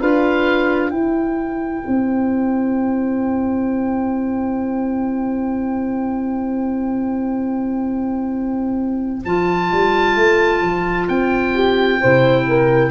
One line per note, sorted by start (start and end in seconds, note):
0.00 0.92 D4
0.00 0.91 F4
0.00 0.92 B4
0.00 0.91 F5
0.91 9.22 E4
0.91 1.84 E4
0.91 11.54 C5
0.91 9.21 G5
1.87 9.25 C4
9.25 9.71 F3
9.25 12.02 F4
9.25 11.08 A5
9.72 10.15 G3
10.15 10.61 A3
10.61 11.07 F3
11.08 12.01 C4
11.08 12.91 G5
11.54 12.00 G4
12.01 12.91 C3
12.01 12.91 E4
12.01 12.47 C5
12.48 12.91 A#4